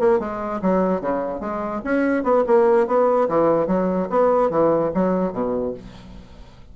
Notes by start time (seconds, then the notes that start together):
0.00 A#3
0.20 G#3
0.62 F#3
1.01 C#3
1.41 G#3
1.84 C#4
2.24 B3
2.47 A#3
2.87 B3
3.29 E3
3.67 F#3
4.10 B3
4.51 E3
4.94 F#3
5.33 B2